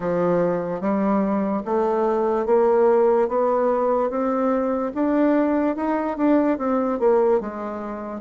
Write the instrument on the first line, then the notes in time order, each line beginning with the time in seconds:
bassoon
0.00 F3
0.80 G3
1.65 A3
2.46 A#3
3.28 B3
4.09 C4
4.94 D4
5.75 D#4
6.16 D4
6.58 C4
6.99 A#3
7.40 G#3